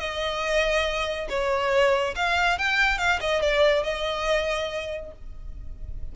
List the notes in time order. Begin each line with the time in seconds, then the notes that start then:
0.00 D#5
1.30 C#5
2.16 F5
2.59 G5
2.98 F5
3.21 D#5
3.42 D5
3.84 D#5